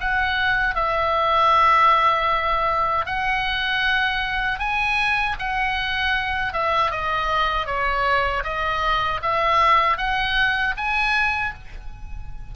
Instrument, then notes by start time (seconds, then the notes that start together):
oboe
0.00 F#5
0.75 E5
3.06 F#5
4.59 G#5
5.39 F#5
6.53 E5
6.91 D#5
7.66 C#5
8.44 D#5
9.22 E5
9.97 F#5
10.77 G#5